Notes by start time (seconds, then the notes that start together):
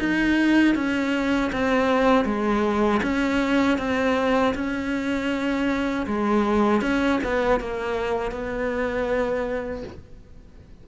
0.00 D#4
0.76 C#4
1.53 C4
2.26 G#3
3.03 C#4
3.79 C4
4.55 C#4
6.07 G#3
6.82 C#4
7.24 B3
7.61 A#3
8.32 B3